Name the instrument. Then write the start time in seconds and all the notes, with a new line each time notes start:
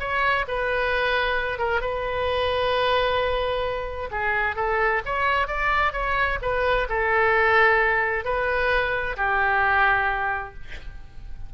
oboe
0.00 C#5
0.48 B4
1.59 A#4
1.81 B4
4.12 G#4
4.56 A4
5.06 C#5
5.48 D5
5.93 C#5
6.42 B4
6.90 A4
8.25 B4
9.17 G4